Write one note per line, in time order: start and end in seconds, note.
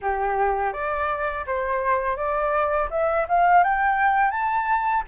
0.01 0.73 G4
0.73 1.45 D5
1.46 2.16 C5
2.16 2.88 D5
2.90 3.26 E5
3.28 3.63 F5
3.63 4.30 G5
4.30 5.03 A5